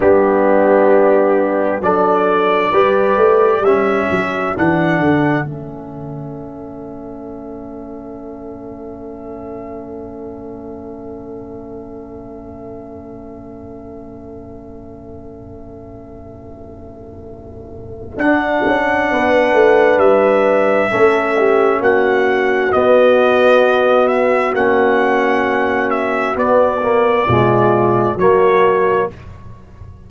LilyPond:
<<
  \new Staff \with { instrumentName = "trumpet" } { \time 4/4 \tempo 4 = 66 g'2 d''2 | e''4 fis''4 e''2~ | e''1~ | e''1~ |
e''1 | fis''2 e''2 | fis''4 dis''4. e''8 fis''4~ | fis''8 e''8 d''2 cis''4 | }
  \new Staff \with { instrumentName = "horn" } { \time 4/4 d'2 a'4 b'4 | a'1~ | a'1~ | a'1~ |
a'1~ | a'4 b'2 a'8 g'8 | fis'1~ | fis'2 f'4 fis'4 | }
  \new Staff \with { instrumentName = "trombone" } { \time 4/4 b2 d'4 g'4 | cis'4 d'4 cis'2~ | cis'1~ | cis'1~ |
cis'1 | d'2. cis'4~ | cis'4 b2 cis'4~ | cis'4 b8 ais8 gis4 ais4 | }
  \new Staff \with { instrumentName = "tuba" } { \time 4/4 g2 fis4 g8 a8 | g8 fis8 e8 d8 a2~ | a1~ | a1~ |
a1 | d'8 cis'8 b8 a8 g4 a4 | ais4 b2 ais4~ | ais4 b4 b,4 fis4 | }
>>